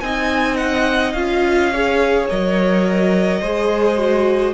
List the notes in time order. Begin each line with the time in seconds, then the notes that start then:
0.00 C4 D#4 D#5 G#5
0.56 F#5
1.12 C#4 F4 F5
1.73 G#4 C#5
2.29 F#3 A#4 D#5
3.40 G#3 G#4 C5
3.97 F#4